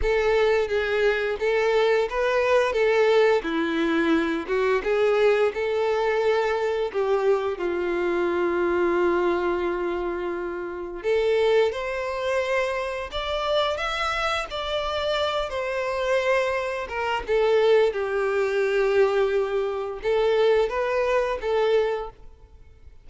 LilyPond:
\new Staff \with { instrumentName = "violin" } { \time 4/4 \tempo 4 = 87 a'4 gis'4 a'4 b'4 | a'4 e'4. fis'8 gis'4 | a'2 g'4 f'4~ | f'1 |
a'4 c''2 d''4 | e''4 d''4. c''4.~ | c''8 ais'8 a'4 g'2~ | g'4 a'4 b'4 a'4 | }